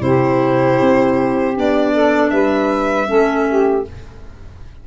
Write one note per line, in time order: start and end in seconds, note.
0.00 0.78 C3
0.00 1.54 E4
0.00 1.94 G4
0.00 1.56 C5
0.81 1.58 C4
1.55 2.32 B3
1.55 3.06 D4
1.55 2.30 D5
1.94 2.32 A4
2.30 3.09 G3
2.30 3.08 B4
2.30 3.84 E5
3.06 3.87 A3
3.06 3.83 C#4
3.06 3.46 A4
3.49 3.88 G4